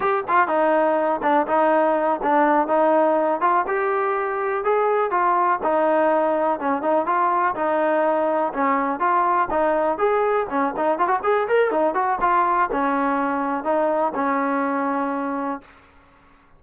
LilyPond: \new Staff \with { instrumentName = "trombone" } { \time 4/4 \tempo 4 = 123 g'8 f'8 dis'4. d'8 dis'4~ | dis'8 d'4 dis'4. f'8 g'8~ | g'4. gis'4 f'4 dis'8~ | dis'4. cis'8 dis'8 f'4 dis'8~ |
dis'4. cis'4 f'4 dis'8~ | dis'8 gis'4 cis'8 dis'8 f'16 fis'16 gis'8 ais'8 | dis'8 fis'8 f'4 cis'2 | dis'4 cis'2. | }